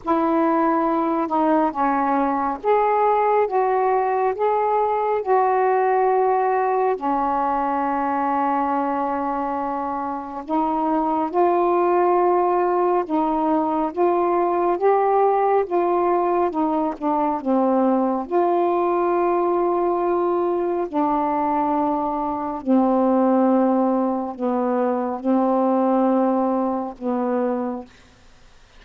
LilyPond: \new Staff \with { instrumentName = "saxophone" } { \time 4/4 \tempo 4 = 69 e'4. dis'8 cis'4 gis'4 | fis'4 gis'4 fis'2 | cis'1 | dis'4 f'2 dis'4 |
f'4 g'4 f'4 dis'8 d'8 | c'4 f'2. | d'2 c'2 | b4 c'2 b4 | }